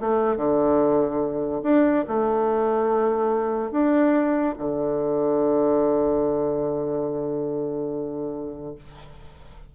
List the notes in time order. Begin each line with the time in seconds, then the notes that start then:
0.00 A3
0.36 D3
1.63 D4
2.08 A3
3.71 D4
4.58 D3